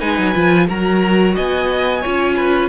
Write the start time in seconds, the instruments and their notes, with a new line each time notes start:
0.00 cello G#3, viola D#4, violin B4 G#5
0.19 cello F#3
0.35 cello F3, viola F4
0.68 cello F#3, viola F#4, violin A#4 A#5
1.35 cello B3, violin D#5 G#5
2.02 cello C#4, viola F4, violin C#5
2.37 violin B4